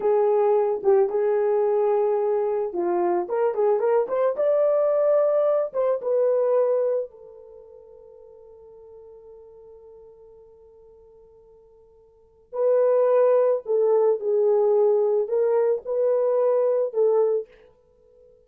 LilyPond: \new Staff \with { instrumentName = "horn" } { \time 4/4 \tempo 4 = 110 gis'4. g'8 gis'2~ | gis'4 f'4 ais'8 gis'8 ais'8 c''8 | d''2~ d''8 c''8 b'4~ | b'4 a'2.~ |
a'1~ | a'2. b'4~ | b'4 a'4 gis'2 | ais'4 b'2 a'4 | }